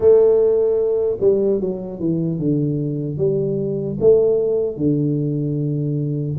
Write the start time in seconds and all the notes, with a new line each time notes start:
0.00 A3
1.20 G3
1.60 F#3
1.99 E3
2.39 D3
3.17 G3
4.00 A3
4.76 D3